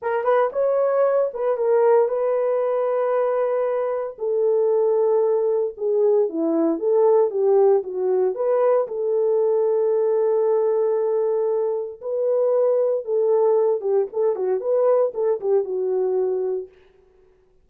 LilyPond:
\new Staff \with { instrumentName = "horn" } { \time 4/4 \tempo 4 = 115 ais'8 b'8 cis''4. b'8 ais'4 | b'1 | a'2. gis'4 | e'4 a'4 g'4 fis'4 |
b'4 a'2.~ | a'2. b'4~ | b'4 a'4. g'8 a'8 fis'8 | b'4 a'8 g'8 fis'2 | }